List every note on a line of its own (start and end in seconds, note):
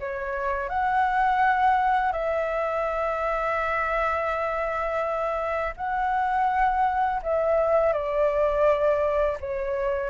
0.00 0.69 C#5
0.69 2.12 F#5
2.12 5.74 E5
5.77 7.22 F#5
7.23 7.94 E5
7.94 9.38 D5
9.40 10.10 C#5